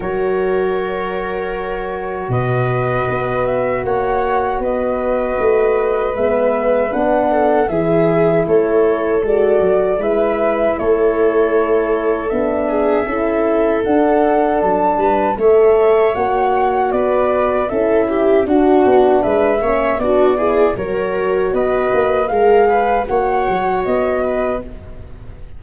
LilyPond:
<<
  \new Staff \with { instrumentName = "flute" } { \time 4/4 \tempo 4 = 78 cis''2. dis''4~ | dis''8 e''8 fis''4 dis''2 | e''4 fis''4 e''4 cis''4 | d''4 e''4 cis''2 |
e''2 fis''4 a''4 | e''4 fis''4 d''4 e''4 | fis''4 e''4 d''4 cis''4 | dis''4 f''4 fis''4 dis''4 | }
  \new Staff \with { instrumentName = "viola" } { \time 4/4 ais'2. b'4~ | b'4 cis''4 b'2~ | b'4. a'8 gis'4 a'4~ | a'4 b'4 a'2~ |
a'8 gis'8 a'2~ a'8 b'8 | cis''2 b'4 a'8 g'8 | fis'4 b'8 cis''8 fis'8 gis'8 ais'4 | b'4 ais'8 b'8 cis''4. b'8 | }
  \new Staff \with { instrumentName = "horn" } { \time 4/4 fis'1~ | fis'1 | b4 d'4 e'2 | fis'4 e'2. |
d'4 e'4 d'2 | a'4 fis'2 e'4 | d'4. cis'8 d'8 e'8 fis'4~ | fis'4 gis'4 fis'2 | }
  \new Staff \with { instrumentName = "tuba" } { \time 4/4 fis2. b,4 | b4 ais4 b4 a4 | gis4 b4 e4 a4 | gis8 fis8 gis4 a2 |
b4 cis'4 d'4 fis8 g8 | a4 ais4 b4 cis'4 | d'8 b8 gis8 ais8 b4 fis4 | b8 ais8 gis4 ais8 fis8 b4 | }
>>